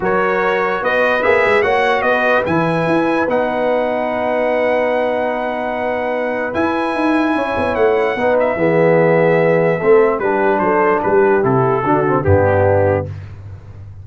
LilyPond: <<
  \new Staff \with { instrumentName = "trumpet" } { \time 4/4 \tempo 4 = 147 cis''2 dis''4 e''4 | fis''4 dis''4 gis''2 | fis''1~ | fis''1 |
gis''2. fis''4~ | fis''8 e''2.~ e''8~ | e''4 b'4 c''4 b'4 | a'2 g'2 | }
  \new Staff \with { instrumentName = "horn" } { \time 4/4 ais'2 b'2 | cis''4 b'2.~ | b'1~ | b'1~ |
b'2 cis''2 | b'4 gis'2. | a'4 g'4 a'4 g'4~ | g'4 fis'4 d'2 | }
  \new Staff \with { instrumentName = "trombone" } { \time 4/4 fis'2. gis'4 | fis'2 e'2 | dis'1~ | dis'1 |
e'1 | dis'4 b2. | c'4 d'2. | e'4 d'8 c'8 b2 | }
  \new Staff \with { instrumentName = "tuba" } { \time 4/4 fis2 b4 ais8 gis8 | ais4 b4 e4 e'4 | b1~ | b1 |
e'4 dis'4 cis'8 b8 a4 | b4 e2. | a4 g4 fis4 g4 | c4 d4 g,2 | }
>>